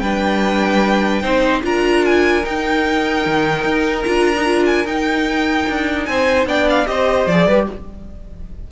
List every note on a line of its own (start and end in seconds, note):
0.00 1.22 G3
0.00 1.23 D4
0.00 1.22 B4
0.00 1.61 G5
1.22 1.63 C4
1.22 1.62 D#4
1.22 1.62 C5
1.62 2.44 D4
1.62 2.43 F4
1.62 6.09 A#4
1.62 2.05 A#5
2.05 2.45 G#5
2.44 4.05 D#4
2.44 3.26 D#4
2.44 4.03 G5
3.26 3.65 D#3
3.65 4.05 D#4
4.03 4.85 D4
4.03 4.35 F4
4.03 4.63 A#5
4.36 4.45 D#4
4.45 4.85 F4
4.66 4.86 G#5
4.85 5.66 D#4
4.85 6.47 D#4
4.85 6.05 G5
5.69 6.08 D4
6.05 6.45 C4
6.05 6.48 C5
6.05 6.45 G#5
6.45 6.86 B3
6.45 6.86 D4
6.45 6.88 D5
6.45 6.68 G5
6.70 6.87 F5
6.86 7.27 C4
6.86 7.26 G4
6.86 7.47 C5
6.86 7.27 D#5
7.27 7.47 F3
7.27 7.52 G#4
7.27 7.67 D5
7.47 7.67 G3
7.47 7.72 G4
7.47 7.67 B4